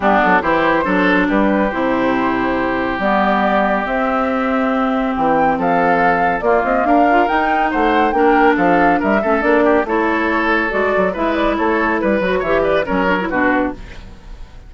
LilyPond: <<
  \new Staff \with { instrumentName = "flute" } { \time 4/4 \tempo 4 = 140 g'8 a'8 c''2 b'4 | c''2. d''4~ | d''4 e''2. | g''4 f''2 d''8 dis''8 |
f''4 g''4 fis''4 g''4 | f''4 e''4 d''4 cis''4~ | cis''4 d''4 e''8 d''8 cis''4 | b'4 e''8 d''8 cis''4 b'4 | }
  \new Staff \with { instrumentName = "oboe" } { \time 4/4 d'4 g'4 a'4 g'4~ | g'1~ | g'1~ | g'4 a'2 f'4 |
ais'2 c''4 ais'4 | a'4 ais'8 a'4 g'8 a'4~ | a'2 b'4 a'4 | b'4 cis''8 b'8 ais'4 fis'4 | }
  \new Staff \with { instrumentName = "clarinet" } { \time 4/4 b4 e'4 d'2 | e'2. b4~ | b4 c'2.~ | c'2. ais4~ |
ais8 f'8 dis'2 d'4~ | d'4. cis'8 d'4 e'4~ | e'4 fis'4 e'2~ | e'8 fis'8 g'4 cis'8 d'16 e'16 d'4 | }
  \new Staff \with { instrumentName = "bassoon" } { \time 4/4 g8 fis8 e4 fis4 g4 | c2. g4~ | g4 c'2. | e4 f2 ais8 c'8 |
d'4 dis'4 a4 ais4 | f4 g8 a8 ais4 a4~ | a4 gis8 fis8 gis4 a4 | g8 fis8 e4 fis4 b,4 | }
>>